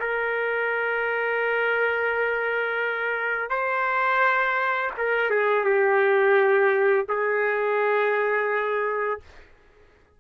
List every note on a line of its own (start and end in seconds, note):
0.00 3.50 A#4
3.50 4.92 C5
4.98 5.30 A#4
5.30 5.65 G#4
5.65 7.06 G4
7.09 9.21 G#4